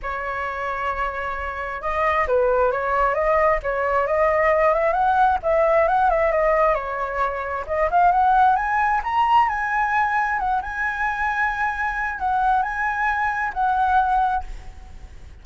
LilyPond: \new Staff \with { instrumentName = "flute" } { \time 4/4 \tempo 4 = 133 cis''1 | dis''4 b'4 cis''4 dis''4 | cis''4 dis''4. e''8 fis''4 | e''4 fis''8 e''8 dis''4 cis''4~ |
cis''4 dis''8 f''8 fis''4 gis''4 | ais''4 gis''2 fis''8 gis''8~ | gis''2. fis''4 | gis''2 fis''2 | }